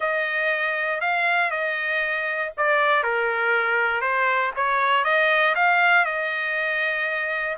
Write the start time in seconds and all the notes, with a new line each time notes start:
0.00 D#5
1.00 F5
1.50 D#5
2.57 D5
3.03 A#4
4.01 C5
4.56 C#5
5.04 D#5
5.55 F5
6.05 D#5